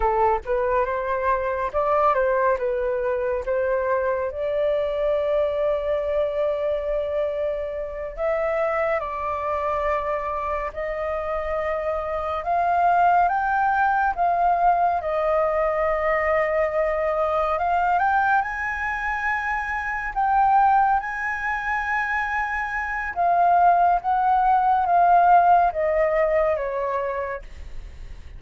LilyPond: \new Staff \with { instrumentName = "flute" } { \time 4/4 \tempo 4 = 70 a'8 b'8 c''4 d''8 c''8 b'4 | c''4 d''2.~ | d''4. e''4 d''4.~ | d''8 dis''2 f''4 g''8~ |
g''8 f''4 dis''2~ dis''8~ | dis''8 f''8 g''8 gis''2 g''8~ | g''8 gis''2~ gis''8 f''4 | fis''4 f''4 dis''4 cis''4 | }